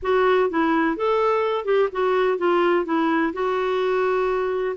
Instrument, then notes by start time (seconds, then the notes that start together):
clarinet
0.02 F#4
0.50 E4
0.96 A4
1.65 G4
1.92 F#4
2.37 F4
2.85 E4
3.33 F#4